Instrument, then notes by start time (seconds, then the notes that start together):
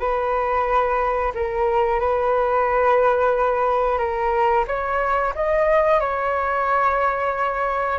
flute
0.00 B4
1.35 A#4
2.01 B4
3.99 A#4
4.68 C#5
5.35 D#5
6.01 C#5